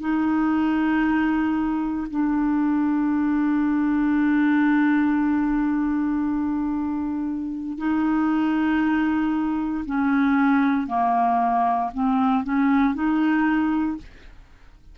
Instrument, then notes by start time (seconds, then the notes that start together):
clarinet
0.00 D#4
2.10 D4
7.77 D#4
9.85 C#4
10.87 A#3
11.93 C4
12.43 C#4
12.94 D#4